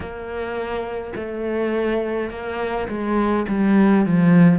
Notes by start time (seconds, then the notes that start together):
0.00 A#3
1.15 A3
2.30 A#3
2.88 G#3
3.48 G3
4.05 F3